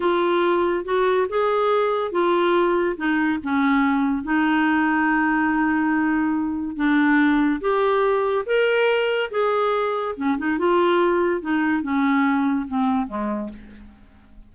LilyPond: \new Staff \with { instrumentName = "clarinet" } { \time 4/4 \tempo 4 = 142 f'2 fis'4 gis'4~ | gis'4 f'2 dis'4 | cis'2 dis'2~ | dis'1 |
d'2 g'2 | ais'2 gis'2 | cis'8 dis'8 f'2 dis'4 | cis'2 c'4 gis4 | }